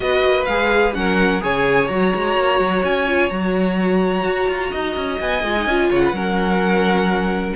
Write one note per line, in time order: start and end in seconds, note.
0.00 0.22 B3
0.00 0.46 F#4
0.00 0.96 B4
0.00 0.44 D#5
0.23 0.47 A#3
0.45 0.94 G#3
0.45 0.93 G#4
0.45 0.92 F5
0.93 1.42 F#3
0.93 1.40 C#4
0.93 1.42 A#4
0.93 1.41 F#5
1.40 1.89 C#3
1.40 1.87 G#4
1.40 4.71 C#5
1.40 1.87 G#5
1.87 2.13 F#3
1.87 3.07 F#4
1.87 2.82 A#5
2.14 2.37 G#3
2.37 2.59 A#3
2.59 2.82 F#3
2.83 3.30 C#4
2.83 3.29 G#5
3.07 3.29 F4
3.29 4.24 F#3
3.29 5.42 F#4
3.29 5.18 A#5
4.24 4.47 F#4
4.48 4.71 F4
4.71 4.96 D#4
4.71 5.89 D#5
4.96 5.19 C#4
5.20 5.43 B3
5.20 5.91 G#5
5.43 5.66 G#3
5.43 5.56 F4
5.56 5.68 D#4
5.66 5.89 C#4
5.66 6.13 F4
5.90 6.12 C#3
5.90 6.01 C#5
5.90 7.56 F#5
6.04 6.15 B4
6.12 7.53 F#3
6.12 7.55 C#4
6.12 7.56 A#4